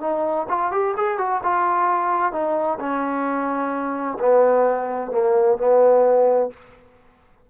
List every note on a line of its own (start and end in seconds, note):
0.00 0.46 D#4
0.48 0.71 F4
0.71 0.94 G4
0.96 1.18 G#4
1.18 1.41 F#4
1.43 2.32 F4
2.32 2.78 D#4
2.79 4.17 C#4
4.19 5.11 B3
5.11 5.57 A#3
5.57 6.50 B3